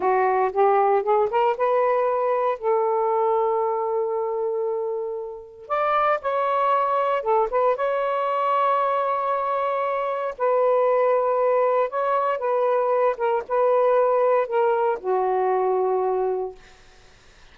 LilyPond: \new Staff \with { instrumentName = "saxophone" } { \time 4/4 \tempo 4 = 116 fis'4 g'4 gis'8 ais'8 b'4~ | b'4 a'2.~ | a'2. d''4 | cis''2 a'8 b'8 cis''4~ |
cis''1 | b'2. cis''4 | b'4. ais'8 b'2 | ais'4 fis'2. | }